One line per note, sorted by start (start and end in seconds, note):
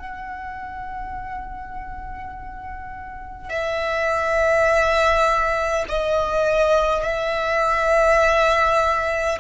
0.00 3.50 F#5
3.50 5.85 E5
5.89 7.04 D#5
7.04 9.39 E5